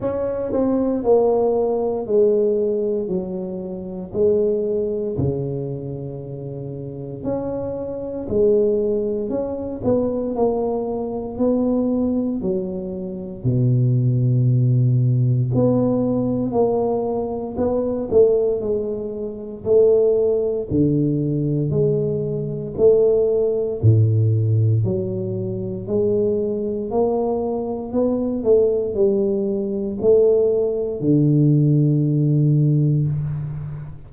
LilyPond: \new Staff \with { instrumentName = "tuba" } { \time 4/4 \tempo 4 = 58 cis'8 c'8 ais4 gis4 fis4 | gis4 cis2 cis'4 | gis4 cis'8 b8 ais4 b4 | fis4 b,2 b4 |
ais4 b8 a8 gis4 a4 | d4 gis4 a4 a,4 | fis4 gis4 ais4 b8 a8 | g4 a4 d2 | }